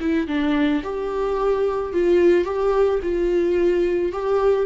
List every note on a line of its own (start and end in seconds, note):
0.00 0.27 E4
0.27 0.82 D4
0.83 1.93 G4
1.93 2.44 F4
2.44 2.99 G4
3.03 4.12 F4
4.12 4.66 G4